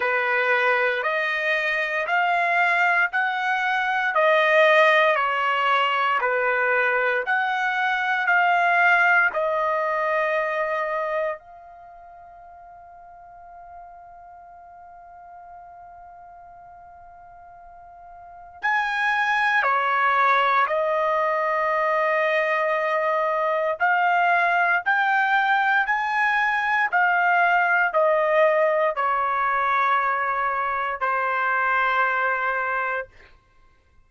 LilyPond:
\new Staff \with { instrumentName = "trumpet" } { \time 4/4 \tempo 4 = 58 b'4 dis''4 f''4 fis''4 | dis''4 cis''4 b'4 fis''4 | f''4 dis''2 f''4~ | f''1~ |
f''2 gis''4 cis''4 | dis''2. f''4 | g''4 gis''4 f''4 dis''4 | cis''2 c''2 | }